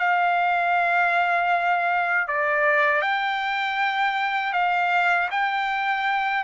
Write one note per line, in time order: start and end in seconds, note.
0.00 2.28 F5
2.28 3.02 D5
3.02 4.53 G5
4.53 5.29 F5
5.31 6.45 G5